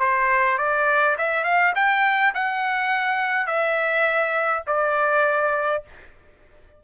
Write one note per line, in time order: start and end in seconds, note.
0.00 0.58 C5
0.59 1.17 D5
1.18 1.44 E5
1.44 1.73 F5
1.76 2.34 G5
2.35 3.47 F#5
3.47 4.63 E5
4.67 5.84 D5